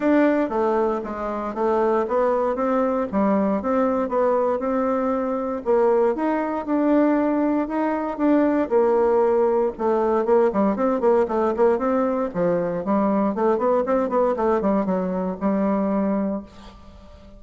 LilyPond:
\new Staff \with { instrumentName = "bassoon" } { \time 4/4 \tempo 4 = 117 d'4 a4 gis4 a4 | b4 c'4 g4 c'4 | b4 c'2 ais4 | dis'4 d'2 dis'4 |
d'4 ais2 a4 | ais8 g8 c'8 ais8 a8 ais8 c'4 | f4 g4 a8 b8 c'8 b8 | a8 g8 fis4 g2 | }